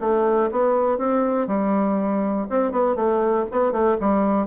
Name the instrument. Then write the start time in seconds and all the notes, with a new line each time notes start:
bassoon
0.00 A3
0.51 B3
0.98 C4
1.47 G3
2.49 C4
2.71 B3
2.95 A3
3.51 B3
3.72 A3
4.00 G3